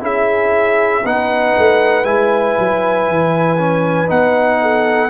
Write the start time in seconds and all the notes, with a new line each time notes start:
0.00 C#4 E4 G#4 E5
1.03 B3 D#4 B4 F#5
1.57 A3
2.04 G#3 E4 G#5
2.58 F#3
3.08 E3
3.58 C#4
4.07 B3 D#4 F#5
4.61 A4